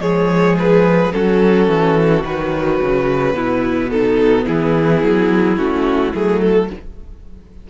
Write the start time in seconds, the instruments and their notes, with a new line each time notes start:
0.00 cello F3, viola G#3, violin G#4 C#5
0.59 violin B4
1.13 cello F#3, viola C#4, violin F#4 A4
1.68 cello E3
2.24 cello D#3, viola F#3, violin B4
2.82 cello C#3
3.34 cello B2, viola B3, violin E4
3.90 violin D#4 A4
4.46 cello E3, violin E4 G#4
5.04 cello F#3
5.57 cello A3, viola C#4, violin F#4
6.15 cello F#3, viola A3, violin G#4
6.42 violin A4